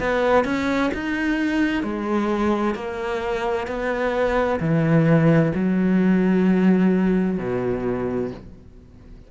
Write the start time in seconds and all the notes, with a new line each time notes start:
0.00 B3
0.45 C#4
0.95 D#4
1.84 G#3
2.75 A#3
3.68 B3
4.61 E3
5.55 F#3
7.39 B2